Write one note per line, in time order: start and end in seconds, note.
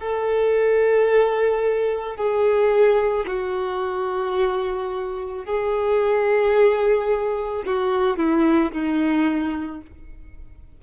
0.00 2.17 A4
2.17 3.26 G#4
3.27 5.45 F#4
5.45 7.64 G#4
7.66 8.17 F#4
8.17 8.72 E4
8.72 9.81 D#4